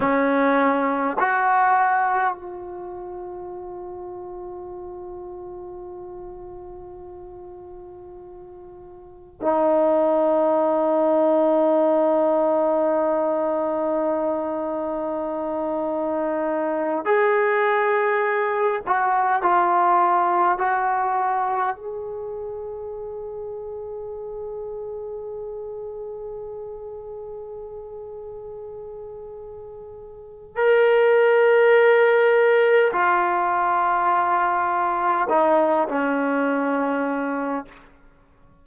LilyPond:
\new Staff \with { instrumentName = "trombone" } { \time 4/4 \tempo 4 = 51 cis'4 fis'4 f'2~ | f'1 | dis'1~ | dis'2~ dis'8 gis'4. |
fis'8 f'4 fis'4 gis'4.~ | gis'1~ | gis'2 ais'2 | f'2 dis'8 cis'4. | }